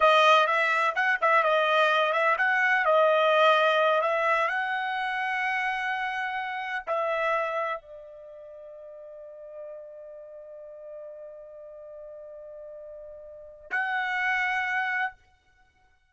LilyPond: \new Staff \with { instrumentName = "trumpet" } { \time 4/4 \tempo 4 = 127 dis''4 e''4 fis''8 e''8 dis''4~ | dis''8 e''8 fis''4 dis''2~ | dis''8 e''4 fis''2~ fis''8~ | fis''2~ fis''8 e''4.~ |
e''8 d''2.~ d''8~ | d''1~ | d''1~ | d''4 fis''2. | }